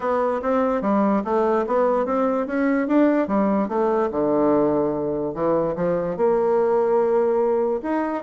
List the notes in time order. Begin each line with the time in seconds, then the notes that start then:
0.00 B3
0.41 C4
0.81 G3
1.24 A3
1.66 B3
2.05 C4
2.47 C#4
2.87 D4
3.27 G3
3.68 A3
4.11 D3
5.34 E3
5.75 F3
6.16 A#3
7.82 D#4